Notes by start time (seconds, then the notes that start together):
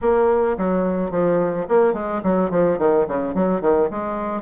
0.01 A#3
0.57 F#3
1.11 F3
1.68 A#3
1.93 G#3
2.23 F#3
2.50 F3
2.78 D#3
3.07 C#3
3.34 F#3
3.61 D#3
3.90 G#3